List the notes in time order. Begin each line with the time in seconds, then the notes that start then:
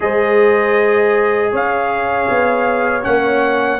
0.00 G#3 G#4 C5 D#5
1.51 C#4 C#5 F5
2.29 B3
3.02 A#3 C#4 F#5